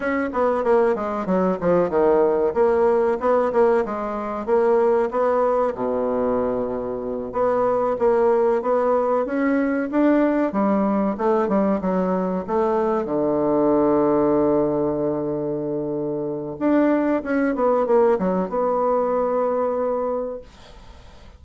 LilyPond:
\new Staff \with { instrumentName = "bassoon" } { \time 4/4 \tempo 4 = 94 cis'8 b8 ais8 gis8 fis8 f8 dis4 | ais4 b8 ais8 gis4 ais4 | b4 b,2~ b,8 b8~ | b8 ais4 b4 cis'4 d'8~ |
d'8 g4 a8 g8 fis4 a8~ | a8 d2.~ d8~ | d2 d'4 cis'8 b8 | ais8 fis8 b2. | }